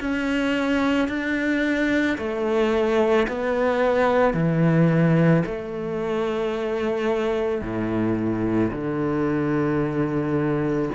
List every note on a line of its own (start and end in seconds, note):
0.00 1.08 C#4
1.08 2.17 D4
2.18 3.27 A3
3.27 4.33 B3
4.33 5.42 E3
5.45 7.61 A3
7.61 8.70 A2
8.71 10.89 D3